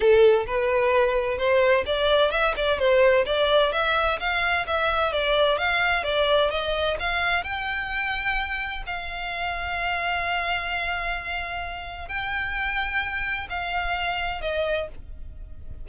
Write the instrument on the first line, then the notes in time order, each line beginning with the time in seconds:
violin
0.00 A4
0.46 B4
1.38 C5
1.86 D5
2.31 E5
2.56 D5
2.78 C5
3.25 D5
3.72 E5
4.19 F5
4.67 E5
5.12 D5
5.58 F5
6.03 D5
6.50 D#5
6.99 F5
7.43 G5
8.86 F5
12.08 G5
13.49 F5
14.41 D#5